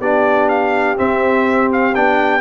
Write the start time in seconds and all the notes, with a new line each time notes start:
0.00 B3 D4 G4 D5
0.49 F5
0.97 C4 E5
1.72 F5
1.95 B3 D4 G5